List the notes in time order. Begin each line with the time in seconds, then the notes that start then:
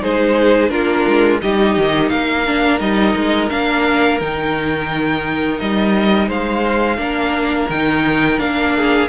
0.00 G#3 D#4 G#4 C5
0.69 A#3 D4 F4 A#4
1.07 G#3
1.41 G3 D#4 G4 D#5
1.77 D#3
2.09 A#3 A#4 F5
2.46 D4
2.79 G3 D#4 D#5
3.15 G#3
3.49 A#3 D4 F5
4.20 D#3 D#4 G5
5.59 G3 D#5
6.28 G#3 C5 F5
6.98 A#3 D4 A#4
7.69 D#3 D#4 G5
8.39 A#3 D4 F5
8.76 G#4